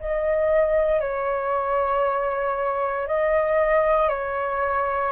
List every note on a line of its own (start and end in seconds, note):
0.00 1.00 D#5
1.00 3.07 C#5
3.07 4.09 D#5
4.09 5.12 C#5